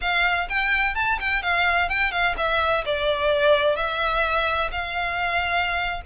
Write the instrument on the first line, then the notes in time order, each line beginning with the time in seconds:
violin
0.01 F5
0.49 G5
0.94 A5
1.20 G5
1.42 F5
1.89 G5
2.11 F5
2.37 E5
2.85 D5
3.76 E5
4.71 F5